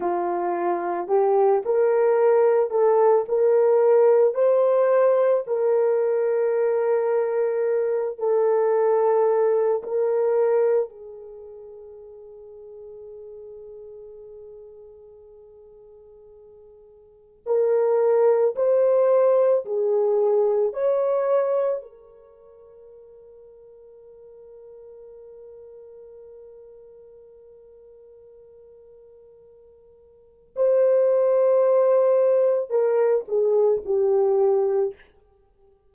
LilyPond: \new Staff \with { instrumentName = "horn" } { \time 4/4 \tempo 4 = 55 f'4 g'8 ais'4 a'8 ais'4 | c''4 ais'2~ ais'8 a'8~ | a'4 ais'4 gis'2~ | gis'1 |
ais'4 c''4 gis'4 cis''4 | ais'1~ | ais'1 | c''2 ais'8 gis'8 g'4 | }